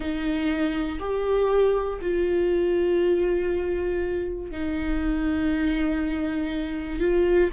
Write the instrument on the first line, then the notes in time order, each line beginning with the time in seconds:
viola
0.00 D#4
0.99 G4
2.01 F4
4.51 D#4
7.00 F4